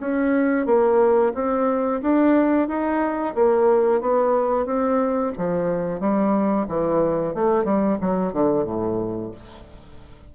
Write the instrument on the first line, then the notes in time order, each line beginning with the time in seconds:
bassoon
0.00 C#4
0.66 A#3
1.35 C4
2.02 D4
2.68 D#4
3.35 A#3
4.01 B3
4.65 C4
5.38 F3
6.00 G3
6.68 E3
7.35 A3
7.64 G3
8.01 F#3
8.33 D3
8.64 A2